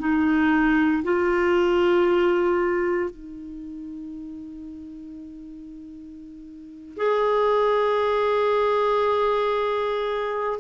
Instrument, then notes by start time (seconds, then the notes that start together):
clarinet
0.00 D#4
1.04 F4
3.11 D#4
6.98 G#4